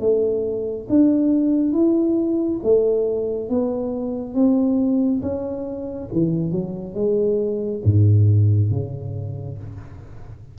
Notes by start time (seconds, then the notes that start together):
0.00 A3
0.89 D4
1.73 E4
2.63 A3
3.49 B3
4.34 C4
5.22 C#4
6.12 E3
6.51 F#3
6.94 G#3
7.85 G#2
8.71 C#3